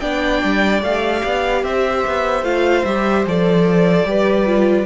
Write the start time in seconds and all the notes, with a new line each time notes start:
0.00 B3 D4 D5 G5
0.44 G3
0.82 A3 G4 F5
1.25 B3
1.64 C4 C5 E5
2.07 B3
2.43 A3 F4 F5
2.85 G3 G4 E5
3.27 F3 A4 D5
4.05 G3 G4 B4
4.46 F4